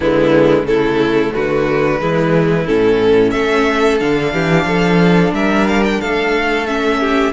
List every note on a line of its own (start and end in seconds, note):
0.00 0.63 D3
0.00 0.66 G#3
0.00 0.67 B3
0.00 0.65 E4
0.63 1.30 C#3
0.63 1.99 A3
0.63 1.34 E4
0.63 1.32 A4
1.34 2.01 D3
1.34 2.00 F#4
1.34 2.66 B4
1.99 2.68 E3
1.99 2.65 G#3
1.99 3.32 E4
2.66 3.34 A2
2.66 3.99 C#4
2.66 3.30 A4
3.30 4.00 A3
3.30 4.32 A4
3.30 3.97 E5
3.99 4.33 D3
3.99 6.66 D4
3.99 5.33 F5
4.32 4.64 E3
4.32 4.66 G4
4.64 5.31 F3
4.64 5.33 A4
5.32 5.98 G3
5.32 6.01 A#4
5.32 5.67 E5
5.67 5.83 F5
5.84 6.00 G5
6.00 7.32 A3
6.00 7.00 A4
6.00 6.66 F5
6.66 7.32 C#4
6.66 7.32 E5
7.00 7.32 G4